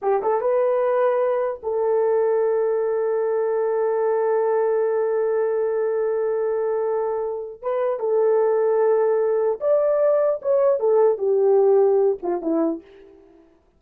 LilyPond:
\new Staff \with { instrumentName = "horn" } { \time 4/4 \tempo 4 = 150 g'8 a'8 b'2. | a'1~ | a'1~ | a'1~ |
a'2. b'4 | a'1 | d''2 cis''4 a'4 | g'2~ g'8 f'8 e'4 | }